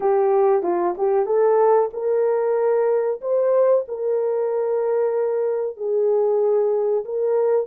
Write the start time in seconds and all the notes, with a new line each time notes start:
0.00 G4
0.62 F4
0.97 G4
1.26 A4
1.93 A#4
3.21 C5
3.88 A#4
5.76 G#4
7.04 A#4